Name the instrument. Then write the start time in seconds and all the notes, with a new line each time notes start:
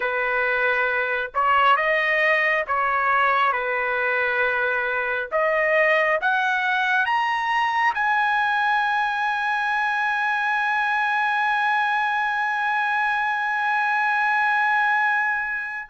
trumpet
0.00 B4
1.34 C#5
1.76 D#5
2.67 C#5
3.52 B4
5.31 D#5
6.21 F#5
7.05 A#5
7.94 G#5